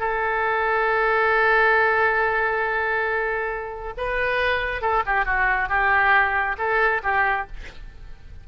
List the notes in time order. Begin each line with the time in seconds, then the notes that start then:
0.00 A4
3.98 B4
4.82 A4
5.06 G4
5.26 F#4
5.69 G4
6.59 A4
7.04 G4